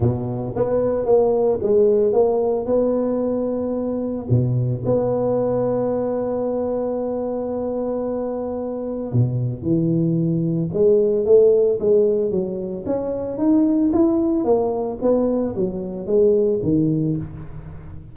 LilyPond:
\new Staff \with { instrumentName = "tuba" } { \time 4/4 \tempo 4 = 112 b,4 b4 ais4 gis4 | ais4 b2. | b,4 b2.~ | b1~ |
b4 b,4 e2 | gis4 a4 gis4 fis4 | cis'4 dis'4 e'4 ais4 | b4 fis4 gis4 dis4 | }